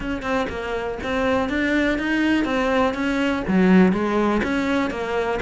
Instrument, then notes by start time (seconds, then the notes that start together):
cello
0.00 C#4
0.22 C4
0.49 A#3
1.03 C4
1.49 D4
1.98 D#4
2.45 C4
2.94 C#4
3.47 F#3
3.92 G#3
4.43 C#4
4.90 A#3